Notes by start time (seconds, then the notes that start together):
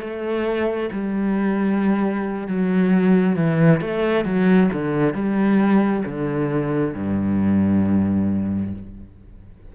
0.00 A3
0.92 G3
2.47 F#3
3.36 E3
3.81 A3
4.25 F#3
4.73 D3
5.14 G3
6.05 D3
6.94 G2